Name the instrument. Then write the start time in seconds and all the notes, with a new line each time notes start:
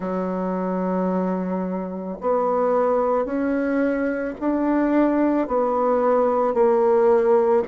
bassoon
0.00 F#3
2.21 B3
3.25 C#4
4.39 D4
5.47 B3
6.54 A#3